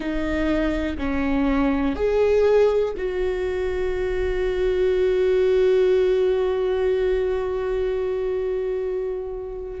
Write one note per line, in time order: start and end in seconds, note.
0.00 0.97 D#4
0.97 1.95 C#4
1.95 2.93 G#4
2.97 9.80 F#4